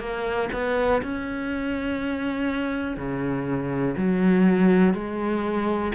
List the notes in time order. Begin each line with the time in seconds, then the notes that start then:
0.00 A#3
0.53 B3
1.02 C#4
2.97 C#3
3.97 F#3
4.94 G#3